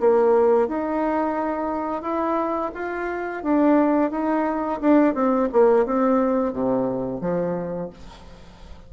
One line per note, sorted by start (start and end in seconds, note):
0.00 0.68 A#3
0.68 2.02 D#4
2.02 2.71 E4
2.75 3.44 F4
3.44 4.11 D4
4.11 4.80 D#4
4.81 5.14 D4
5.14 5.49 C4
5.53 5.86 A#3
5.86 6.53 C4
6.53 7.21 C3
7.21 7.90 F3